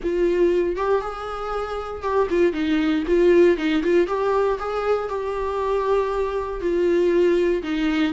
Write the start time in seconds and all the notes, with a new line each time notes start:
0.03 F4
0.76 G4
1.01 G#4
2.02 G4
2.30 F4
2.52 D#4
3.07 F4
3.57 D#4
3.83 F4
4.07 G4
4.59 G#4
5.08 G4
6.60 F4
7.62 D#4